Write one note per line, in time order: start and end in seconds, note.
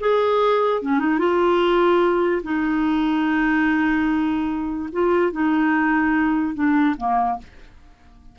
0.00 0.82 G#4
0.82 1.00 C#4
1.00 1.19 D#4
1.19 2.42 F4
2.43 4.90 D#4
4.93 5.32 F4
5.32 6.55 D#4
6.55 6.96 D4
6.98 7.39 A#3